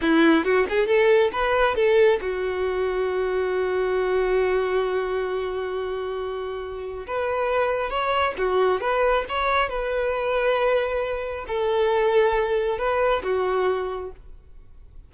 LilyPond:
\new Staff \with { instrumentName = "violin" } { \time 4/4 \tempo 4 = 136 e'4 fis'8 gis'8 a'4 b'4 | a'4 fis'2.~ | fis'1~ | fis'1 |
b'2 cis''4 fis'4 | b'4 cis''4 b'2~ | b'2 a'2~ | a'4 b'4 fis'2 | }